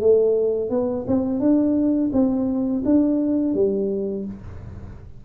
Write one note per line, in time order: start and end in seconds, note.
0.00 0.70 A3
0.70 1.05 B3
1.07 1.40 C4
1.40 2.10 D4
2.12 2.83 C4
2.85 3.54 D4
3.54 4.25 G3